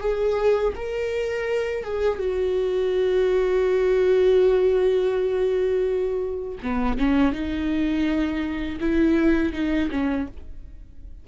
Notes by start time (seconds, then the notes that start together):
0.00 G#4
0.75 A#4
1.84 G#4
2.19 F#4
6.63 B3
6.98 C#4
7.32 D#4
8.80 E4
9.53 D#4
9.90 C#4